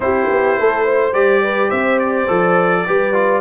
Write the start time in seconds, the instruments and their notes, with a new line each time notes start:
0.00 tuba C4, trombone E4, horn G4, trumpet C5
0.29 tuba B3
0.58 tuba A3, horn A4
0.85 horn C5
1.13 tuba G3, trombone G4, trumpet D5
1.43 horn B4
1.68 tuba C4, horn C5, trumpet E5
1.99 trumpet D5
2.27 tuba F3, trombone A4
2.87 tuba G3, trombone G4, horn B4
3.13 trombone F4